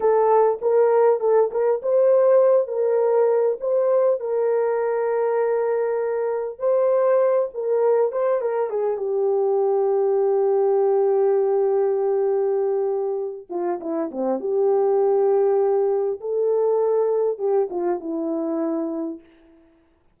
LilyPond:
\new Staff \with { instrumentName = "horn" } { \time 4/4 \tempo 4 = 100 a'4 ais'4 a'8 ais'8 c''4~ | c''8 ais'4. c''4 ais'4~ | ais'2. c''4~ | c''8 ais'4 c''8 ais'8 gis'8 g'4~ |
g'1~ | g'2~ g'8 f'8 e'8 c'8 | g'2. a'4~ | a'4 g'8 f'8 e'2 | }